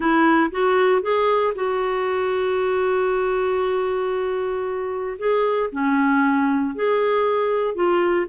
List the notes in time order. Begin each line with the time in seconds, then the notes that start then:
0.00 E4
0.51 F#4
1.02 G#4
1.55 F#4
5.18 G#4
5.72 C#4
6.75 G#4
7.74 F4